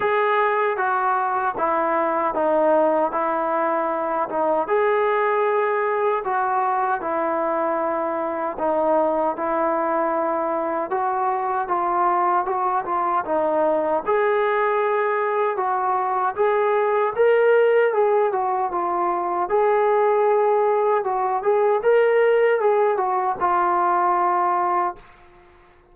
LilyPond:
\new Staff \with { instrumentName = "trombone" } { \time 4/4 \tempo 4 = 77 gis'4 fis'4 e'4 dis'4 | e'4. dis'8 gis'2 | fis'4 e'2 dis'4 | e'2 fis'4 f'4 |
fis'8 f'8 dis'4 gis'2 | fis'4 gis'4 ais'4 gis'8 fis'8 | f'4 gis'2 fis'8 gis'8 | ais'4 gis'8 fis'8 f'2 | }